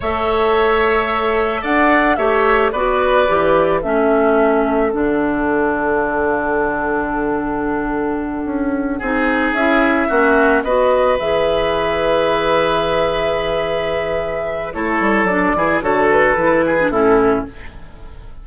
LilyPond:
<<
  \new Staff \with { instrumentName = "flute" } { \time 4/4 \tempo 4 = 110 e''2. fis''4 | e''4 d''2 e''4~ | e''4 fis''2.~ | fis''1~ |
fis''4. e''2 dis''8~ | dis''8 e''2.~ e''8~ | e''2. cis''4 | d''4 cis''8 b'4. a'4 | }
  \new Staff \with { instrumentName = "oboe" } { \time 4/4 cis''2. d''4 | cis''4 b'2 a'4~ | a'1~ | a'1~ |
a'8 gis'2 fis'4 b'8~ | b'1~ | b'2. a'4~ | a'8 gis'8 a'4. gis'8 e'4 | }
  \new Staff \with { instrumentName = "clarinet" } { \time 4/4 a'1 | g'4 fis'4 g'4 cis'4~ | cis'4 d'2.~ | d'1~ |
d'8 dis'4 e'4 cis'4 fis'8~ | fis'8 gis'2.~ gis'8~ | gis'2. e'4 | d'8 e'8 fis'4 e'8. d'16 cis'4 | }
  \new Staff \with { instrumentName = "bassoon" } { \time 4/4 a2. d'4 | a4 b4 e4 a4~ | a4 d2.~ | d2.~ d8 cis'8~ |
cis'8 c'4 cis'4 ais4 b8~ | b8 e2.~ e8~ | e2. a8 g8 | fis8 e8 d4 e4 a,4 | }
>>